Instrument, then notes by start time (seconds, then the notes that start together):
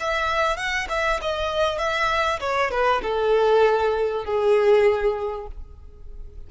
violin
0.00 E5
0.57 F#5
0.89 E5
1.22 D#5
1.79 E5
2.40 C#5
2.71 B4
3.03 A4
4.25 G#4